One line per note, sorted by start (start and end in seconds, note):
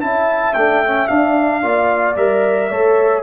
0.00 0.55 C#4
0.00 0.54 E4
0.00 1.65 E5
0.00 0.54 A5
0.54 1.09 A3
0.54 0.85 D4
0.54 1.08 G5
0.85 1.09 C#4
1.08 1.63 D4
1.08 2.15 F5
1.63 2.17 A#3
1.63 2.17 F4
1.63 2.69 D5
2.17 2.70 G3
2.17 2.71 A#4
2.17 3.24 E5
2.69 3.24 A3
2.69 3.24 A4
2.69 3.23 C#5